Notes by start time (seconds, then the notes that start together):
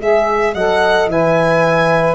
0.00 G#3 G#4 E5
0.55 F#3 A4 D#5 F#5
1.07 E3 B4 E5 G#5